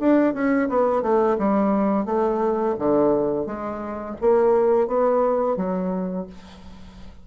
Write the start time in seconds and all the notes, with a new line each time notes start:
0.00 D4
0.34 C#4
0.69 B3
1.02 A3
1.38 G3
2.05 A3
2.78 D3
3.46 G#3
4.21 A#3
4.87 B3
5.57 F#3